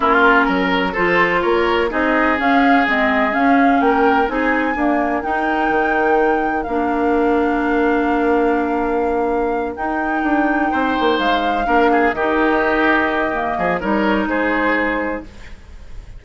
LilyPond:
<<
  \new Staff \with { instrumentName = "flute" } { \time 4/4 \tempo 4 = 126 ais'2 c''4 cis''4 | dis''4 f''4 dis''4 f''4 | g''4 gis''2 g''4~ | g''2 f''2~ |
f''1~ | f''8 g''2. f''8~ | f''4. dis''2~ dis''8~ | dis''4 cis''4 c''2 | }
  \new Staff \with { instrumentName = "oboe" } { \time 4/4 f'4 ais'4 a'4 ais'4 | gis'1 | ais'4 gis'4 ais'2~ | ais'1~ |
ais'1~ | ais'2~ ais'8 c''4.~ | c''8 ais'8 gis'8 g'2~ g'8~ | g'8 gis'8 ais'4 gis'2 | }
  \new Staff \with { instrumentName = "clarinet" } { \time 4/4 cis'2 f'2 | dis'4 cis'4 c'4 cis'4~ | cis'4 dis'4 ais4 dis'4~ | dis'2 d'2~ |
d'1~ | d'8 dis'2.~ dis'8~ | dis'8 d'4 dis'2~ dis'8 | ais4 dis'2. | }
  \new Staff \with { instrumentName = "bassoon" } { \time 4/4 ais4 fis4 f4 ais4 | c'4 cis'4 gis4 cis'4 | ais4 c'4 d'4 dis'4 | dis2 ais2~ |
ais1~ | ais8 dis'4 d'4 c'8 ais8 gis8~ | gis8 ais4 dis2~ dis8~ | dis8 f8 g4 gis2 | }
>>